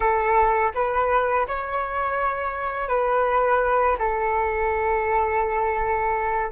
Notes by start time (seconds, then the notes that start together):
0.00 A4
0.74 B4
1.47 C#5
2.88 B4
3.98 A4